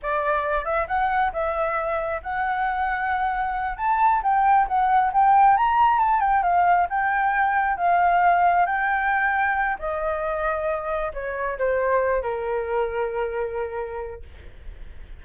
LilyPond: \new Staff \with { instrumentName = "flute" } { \time 4/4 \tempo 4 = 135 d''4. e''8 fis''4 e''4~ | e''4 fis''2.~ | fis''8 a''4 g''4 fis''4 g''8~ | g''8 ais''4 a''8 g''8 f''4 g''8~ |
g''4. f''2 g''8~ | g''2 dis''2~ | dis''4 cis''4 c''4. ais'8~ | ais'1 | }